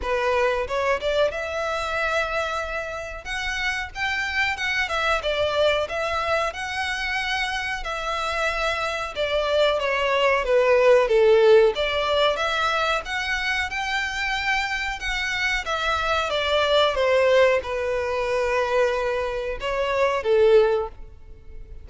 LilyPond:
\new Staff \with { instrumentName = "violin" } { \time 4/4 \tempo 4 = 92 b'4 cis''8 d''8 e''2~ | e''4 fis''4 g''4 fis''8 e''8 | d''4 e''4 fis''2 | e''2 d''4 cis''4 |
b'4 a'4 d''4 e''4 | fis''4 g''2 fis''4 | e''4 d''4 c''4 b'4~ | b'2 cis''4 a'4 | }